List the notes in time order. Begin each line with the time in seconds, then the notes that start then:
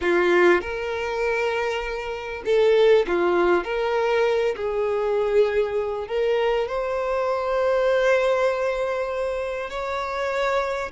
0.01 F4
0.61 A#4
2.45 A4
3.07 F4
3.64 A#4
4.56 G#4
6.07 A#4
6.67 C5
9.70 C#5